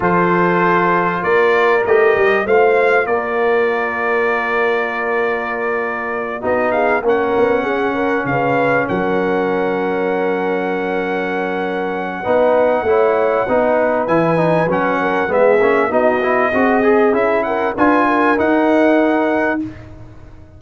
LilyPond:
<<
  \new Staff \with { instrumentName = "trumpet" } { \time 4/4 \tempo 4 = 98 c''2 d''4 dis''4 | f''4 d''2.~ | d''2~ d''8 dis''8 f''8 fis''8~ | fis''4. f''4 fis''4.~ |
fis''1~ | fis''2. gis''4 | fis''4 e''4 dis''2 | e''8 fis''8 gis''4 fis''2 | }
  \new Staff \with { instrumentName = "horn" } { \time 4/4 a'2 ais'2 | c''4 ais'2.~ | ais'2~ ais'8 fis'8 gis'8 ais'8~ | ais'8 gis'8 ais'8 b'4 ais'4.~ |
ais'1 | b'4 cis''4 b'2~ | b'8 ais'8 gis'4 fis'4 gis'4~ | gis'8 ais'8 b'8 ais'2~ ais'8 | }
  \new Staff \with { instrumentName = "trombone" } { \time 4/4 f'2. g'4 | f'1~ | f'2~ f'8 dis'4 cis'8~ | cis'1~ |
cis'1 | dis'4 e'4 dis'4 e'8 dis'8 | cis'4 b8 cis'8 dis'8 e'8 fis'8 gis'8 | e'4 f'4 dis'2 | }
  \new Staff \with { instrumentName = "tuba" } { \time 4/4 f2 ais4 a8 g8 | a4 ais2.~ | ais2~ ais8 b4 ais8 | b8 cis'4 cis4 fis4.~ |
fis1 | b4 a4 b4 e4 | fis4 gis8 ais8 b4 c'4 | cis'4 d'4 dis'2 | }
>>